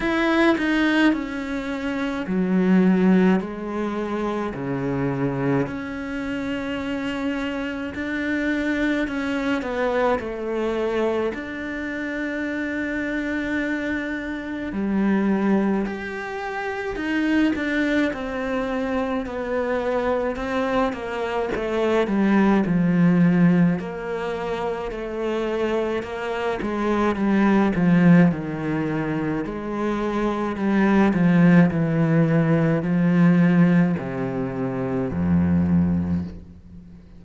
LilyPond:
\new Staff \with { instrumentName = "cello" } { \time 4/4 \tempo 4 = 53 e'8 dis'8 cis'4 fis4 gis4 | cis4 cis'2 d'4 | cis'8 b8 a4 d'2~ | d'4 g4 g'4 dis'8 d'8 |
c'4 b4 c'8 ais8 a8 g8 | f4 ais4 a4 ais8 gis8 | g8 f8 dis4 gis4 g8 f8 | e4 f4 c4 f,4 | }